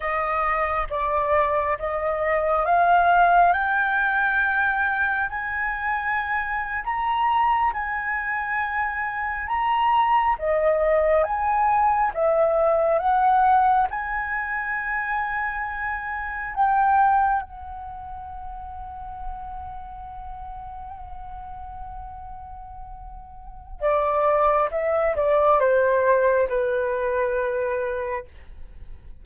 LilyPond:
\new Staff \with { instrumentName = "flute" } { \time 4/4 \tempo 4 = 68 dis''4 d''4 dis''4 f''4 | g''2 gis''4.~ gis''16 ais''16~ | ais''8. gis''2 ais''4 dis''16~ | dis''8. gis''4 e''4 fis''4 gis''16~ |
gis''2~ gis''8. g''4 fis''16~ | fis''1~ | fis''2. d''4 | e''8 d''8 c''4 b'2 | }